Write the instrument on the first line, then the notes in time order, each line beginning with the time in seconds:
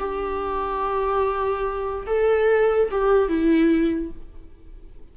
viola
0.00 G4
2.07 A4
2.92 G4
3.29 E4